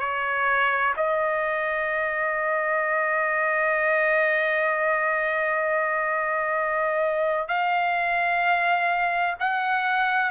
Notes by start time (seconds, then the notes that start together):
0.00 C#5
0.97 D#5
7.48 F5
9.40 F#5